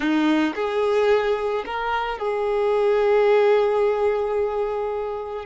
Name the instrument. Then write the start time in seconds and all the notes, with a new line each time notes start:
violin
0.00 D#4
0.55 G#4
1.65 A#4
2.18 G#4